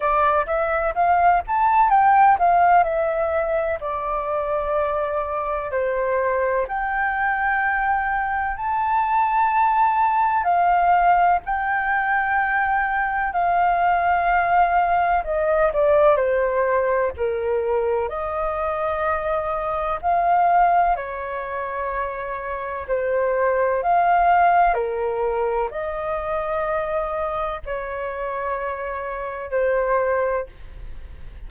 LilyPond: \new Staff \with { instrumentName = "flute" } { \time 4/4 \tempo 4 = 63 d''8 e''8 f''8 a''8 g''8 f''8 e''4 | d''2 c''4 g''4~ | g''4 a''2 f''4 | g''2 f''2 |
dis''8 d''8 c''4 ais'4 dis''4~ | dis''4 f''4 cis''2 | c''4 f''4 ais'4 dis''4~ | dis''4 cis''2 c''4 | }